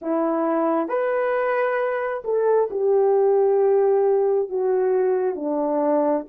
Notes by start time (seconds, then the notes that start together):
0.01 E4
0.88 B4
2.24 A4
2.70 G4
4.49 F#4
5.35 D4